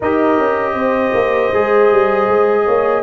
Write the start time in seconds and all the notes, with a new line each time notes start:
0.00 D#4 G4 A#4 D#5
0.38 C#4
0.74 C4 C5
1.13 A#3
1.53 G#3 G#4
1.91 G3
2.28 G#3
2.64 A#3 C#5